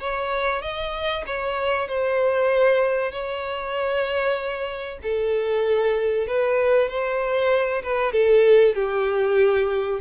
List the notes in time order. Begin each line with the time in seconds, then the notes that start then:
0.00 C#5
0.62 D#5
1.26 C#5
1.88 C5
3.11 C#5
5.03 A4
6.27 B4
6.89 C5
7.83 B4
8.12 A4
8.75 G4